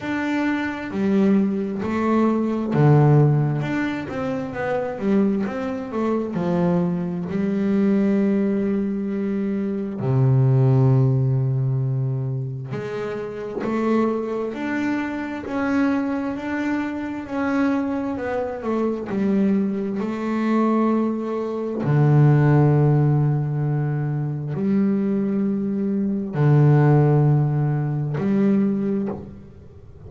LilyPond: \new Staff \with { instrumentName = "double bass" } { \time 4/4 \tempo 4 = 66 d'4 g4 a4 d4 | d'8 c'8 b8 g8 c'8 a8 f4 | g2. c4~ | c2 gis4 a4 |
d'4 cis'4 d'4 cis'4 | b8 a8 g4 a2 | d2. g4~ | g4 d2 g4 | }